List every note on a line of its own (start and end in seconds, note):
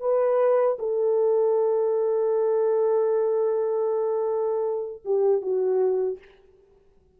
0.00 0.77 B4
0.79 5.02 A4
5.05 5.41 G4
5.41 6.18 F#4